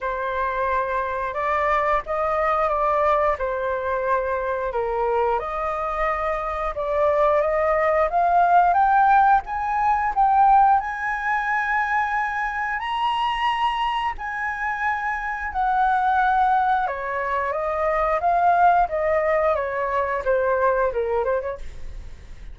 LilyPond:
\new Staff \with { instrumentName = "flute" } { \time 4/4 \tempo 4 = 89 c''2 d''4 dis''4 | d''4 c''2 ais'4 | dis''2 d''4 dis''4 | f''4 g''4 gis''4 g''4 |
gis''2. ais''4~ | ais''4 gis''2 fis''4~ | fis''4 cis''4 dis''4 f''4 | dis''4 cis''4 c''4 ais'8 c''16 cis''16 | }